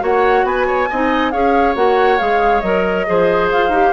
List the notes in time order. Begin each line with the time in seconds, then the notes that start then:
0.00 A#3 F#4 C#5 F#5
0.44 B3 B4 G#5
0.67 C#5
0.90 C4 D#4 D#5
1.31 C#4 G#4 C#5 F5
1.75 A#3 F#4 F#5
2.18 G#3 G#4 F5
2.61 F#3 A#4 D#5
3.07 F3 G#4 C5
3.51 F4 F5
3.69 D#4 G4